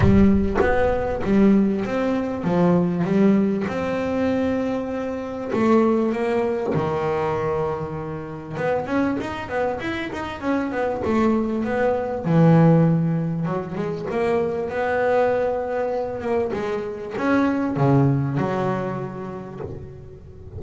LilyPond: \new Staff \with { instrumentName = "double bass" } { \time 4/4 \tempo 4 = 98 g4 b4 g4 c'4 | f4 g4 c'2~ | c'4 a4 ais4 dis4~ | dis2 b8 cis'8 dis'8 b8 |
e'8 dis'8 cis'8 b8 a4 b4 | e2 fis8 gis8 ais4 | b2~ b8 ais8 gis4 | cis'4 cis4 fis2 | }